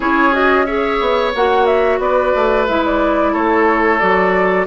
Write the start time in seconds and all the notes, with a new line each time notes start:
0.00 C#4 E4 G#4 C#5
0.32 F#4 D#5
0.65 G#4 C#5 E5
1.00 B3
1.35 A#3 F#4 F#5
1.65 E5
1.99 B3 B4 D5
2.35 A3
2.67 G#3 E4 E5
2.85 D5
3.32 A3 A4 C#5
3.99 F#3 F#4 D5